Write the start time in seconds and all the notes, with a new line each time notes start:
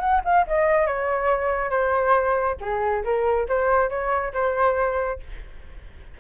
0.00 F#5
0.25 F5
0.47 D#5
0.87 C#5
1.70 C5
2.61 G#4
3.04 A#4
3.49 C5
3.90 C#5
4.34 C5